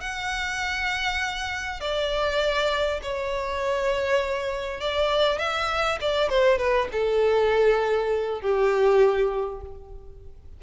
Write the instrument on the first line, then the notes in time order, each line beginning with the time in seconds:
violin
0.00 F#5
1.80 D5
3.02 C#5
4.80 D5
5.38 E5
6.00 D5
6.29 C5
6.58 B4
6.92 A4
8.41 G4